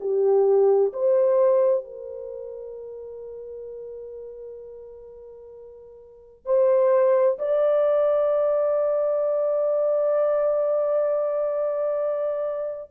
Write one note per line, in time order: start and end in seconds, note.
0.00 0.92 G4
0.93 1.84 C5
1.84 6.45 A#4
6.45 7.38 C5
7.38 12.91 D5